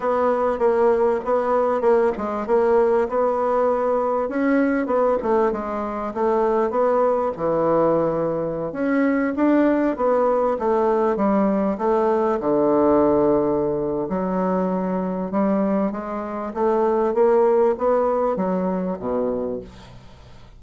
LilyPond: \new Staff \with { instrumentName = "bassoon" } { \time 4/4 \tempo 4 = 98 b4 ais4 b4 ais8 gis8 | ais4 b2 cis'4 | b8 a8 gis4 a4 b4 | e2~ e16 cis'4 d'8.~ |
d'16 b4 a4 g4 a8.~ | a16 d2~ d8. fis4~ | fis4 g4 gis4 a4 | ais4 b4 fis4 b,4 | }